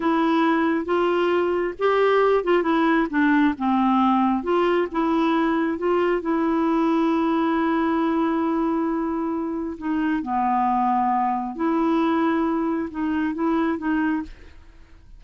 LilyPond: \new Staff \with { instrumentName = "clarinet" } { \time 4/4 \tempo 4 = 135 e'2 f'2 | g'4. f'8 e'4 d'4 | c'2 f'4 e'4~ | e'4 f'4 e'2~ |
e'1~ | e'2 dis'4 b4~ | b2 e'2~ | e'4 dis'4 e'4 dis'4 | }